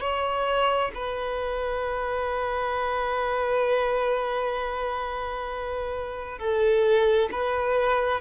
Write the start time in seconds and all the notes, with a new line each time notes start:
0.00 C#5
0.94 B4
6.38 A4
7.31 B4